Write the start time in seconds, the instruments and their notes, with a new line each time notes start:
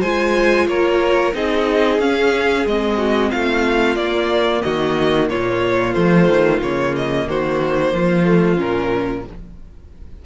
0.00 cello G#3, viola F4, violin C5 G#5
0.67 cello A#3, violin A#4 C#5
1.33 cello C4, viola D#4, violin G#4 D#5
1.99 cello C#4, viola C#4, violin F5
2.66 cello G#3, viola C4, violin D#5
2.97 violin F#4
3.31 cello A3, violin F4 F5
3.95 cello A#3, viola A#3, violin D5
4.62 cello D#3, violin F#4 D#5
5.29 cello A#2, violin F4 C#5
5.93 cello F3, viola A3, violin C5
6.28 cello D#3
6.61 cello C#3, viola A#3, violin C#5
6.96 violin D#5
7.27 cello D#3, violin F#4 C5
7.93 cello F3, violin F4
8.25 viola A3
8.56 cello A#2, viola C#4, violin A#4